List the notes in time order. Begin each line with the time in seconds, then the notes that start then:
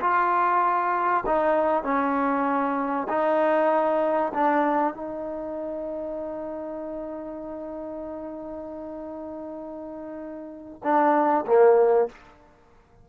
0.00 F4
1.26 D#4
1.83 C#4
3.08 D#4
4.34 D4
4.93 D#4
10.83 D4
11.46 A#3